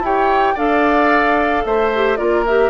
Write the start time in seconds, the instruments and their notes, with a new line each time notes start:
0.00 bassoon E4, clarinet G4, oboe C#5, flute G5
0.55 bassoon D4, clarinet A4, oboe D5, flute F5
1.65 bassoon A3, oboe C5, flute E5
1.95 clarinet G4
2.16 bassoon A#3, clarinet F4, oboe A#4, flute D5
2.46 clarinet G4, flute E5